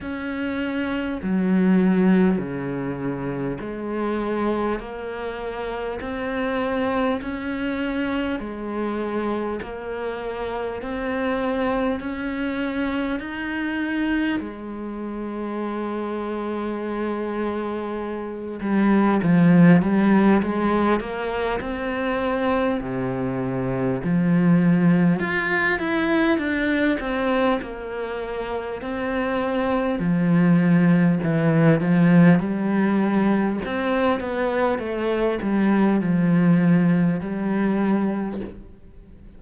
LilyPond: \new Staff \with { instrumentName = "cello" } { \time 4/4 \tempo 4 = 50 cis'4 fis4 cis4 gis4 | ais4 c'4 cis'4 gis4 | ais4 c'4 cis'4 dis'4 | gis2.~ gis8 g8 |
f8 g8 gis8 ais8 c'4 c4 | f4 f'8 e'8 d'8 c'8 ais4 | c'4 f4 e8 f8 g4 | c'8 b8 a8 g8 f4 g4 | }